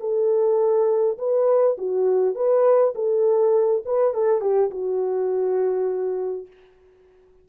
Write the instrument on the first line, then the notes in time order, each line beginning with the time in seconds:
horn
0.00 A4
1.18 B4
1.78 F#4
2.35 B4
2.95 A4
3.85 B4
4.14 A4
4.41 G4
4.70 F#4